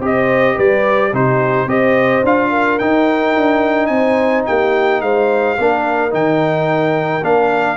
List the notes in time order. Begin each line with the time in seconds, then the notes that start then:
0.00 C4 G4 C5
0.06 D#5
0.55 G3 B4 D5
1.13 C3 D#4 G4 C5
1.67 C4 G4 C5 D#5
2.24 D4 F4 F5
2.50 A#4
2.79 D#4 G5
3.37 D4
3.87 C4 G#5
3.94 C5
4.47 A#3 G4 G5
5.02 G#3 C5 F5
5.59 A#3 D4 A#4
6.11 D#3 D#4 G5
7.23 A#3 D4 F5